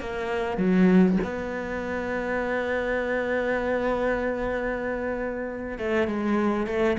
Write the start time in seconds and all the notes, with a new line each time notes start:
0.00 A#3
0.57 F#3
1.23 B3
5.78 A3
6.07 G#3
6.66 A3